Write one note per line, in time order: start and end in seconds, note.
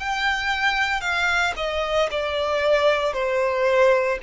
0.00 1.01 G5
1.01 1.54 F5
1.57 2.10 D#5
2.11 3.13 D5
3.13 4.19 C5